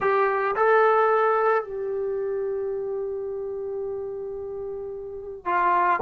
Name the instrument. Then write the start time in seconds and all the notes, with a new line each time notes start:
trombone
0.00 G4
0.56 A4
1.63 G4
5.45 F4